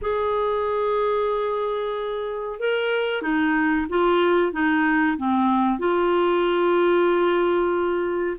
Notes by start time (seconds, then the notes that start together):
0.01 G#4
2.59 A#4
3.22 D#4
3.89 F4
4.52 D#4
5.17 C4
5.78 F4